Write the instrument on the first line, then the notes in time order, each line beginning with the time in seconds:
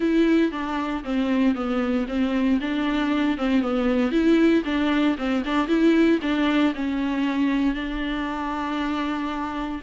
viola
0.00 E4
0.51 D4
1.03 C4
1.54 B3
2.08 C4
2.60 D4
3.37 C4
3.61 B3
4.11 E4
4.64 D4
5.17 C4
5.45 D4
5.67 E4
6.21 D4
6.74 C#4
7.74 D4